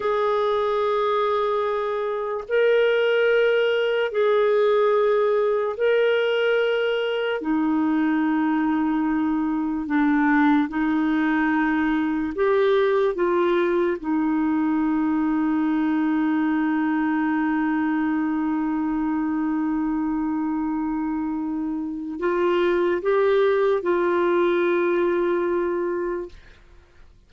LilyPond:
\new Staff \with { instrumentName = "clarinet" } { \time 4/4 \tempo 4 = 73 gis'2. ais'4~ | ais'4 gis'2 ais'4~ | ais'4 dis'2. | d'4 dis'2 g'4 |
f'4 dis'2.~ | dis'1~ | dis'2. f'4 | g'4 f'2. | }